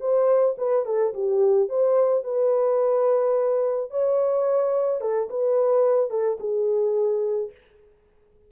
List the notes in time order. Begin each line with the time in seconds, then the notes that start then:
0.00 C5
0.58 B4
0.86 A4
1.14 G4
1.69 C5
2.24 B4
3.90 C#5
5.01 A4
5.30 B4
6.10 A4
6.40 G#4